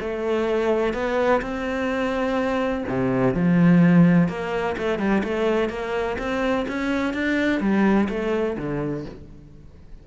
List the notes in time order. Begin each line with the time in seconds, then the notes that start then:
0.00 A3
0.94 B3
1.42 C4
2.89 C3
3.34 F3
4.28 A#3
4.78 A3
4.99 G3
5.24 A3
5.69 A#3
6.19 C4
6.68 C#4
7.14 D4
7.60 G3
8.09 A3
8.58 D3